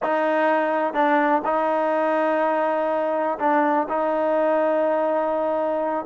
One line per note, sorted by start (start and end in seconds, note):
0.02 0.93 D#4
0.93 1.42 D4
1.45 3.38 D#4
3.39 3.87 D4
3.88 6.05 D#4